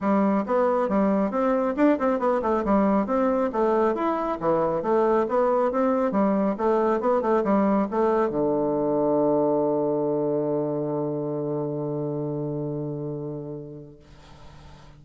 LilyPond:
\new Staff \with { instrumentName = "bassoon" } { \time 4/4 \tempo 4 = 137 g4 b4 g4 c'4 | d'8 c'8 b8 a8 g4 c'4 | a4 e'4 e4 a4 | b4 c'4 g4 a4 |
b8 a8 g4 a4 d4~ | d1~ | d1~ | d1 | }